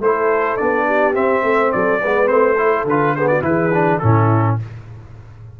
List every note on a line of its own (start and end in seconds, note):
0.00 0.57 A3
0.00 0.58 E4
0.00 0.86 A4
0.00 0.57 C5
0.57 1.17 B3
0.57 1.14 D4
0.57 1.14 D5
0.86 1.43 G4
1.14 1.99 C4
1.14 1.43 C4
1.14 1.72 E5
1.43 1.72 A3
1.43 1.74 C5
1.72 2.03 F#3
1.72 2.01 A4
1.72 2.27 D5
2.01 2.30 G#3
2.01 2.26 B3
2.01 2.58 B4
2.26 2.84 A3
2.26 2.55 C4
2.26 2.85 C5
2.58 2.86 E4
2.58 3.17 A4
2.84 3.41 D3
2.84 3.17 F4
2.84 3.15 B4
3.15 3.41 B3
3.15 3.30 G#4
3.15 3.27 C5
3.27 3.44 F#4
3.27 3.42 D5
3.41 3.99 E3
3.41 3.70 E4
3.41 4.01 G#4
3.41 3.98 B4
3.73 4.02 D4
3.98 4.60 A2
3.98 4.59 C#4
3.98 4.58 E4
3.98 4.56 A4